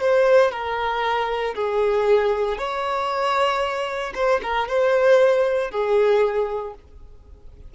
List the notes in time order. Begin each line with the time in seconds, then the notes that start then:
0.00 C5
0.51 A#4
1.55 G#4
2.57 C#5
4.14 C5
4.42 A#4
4.68 C5
5.70 G#4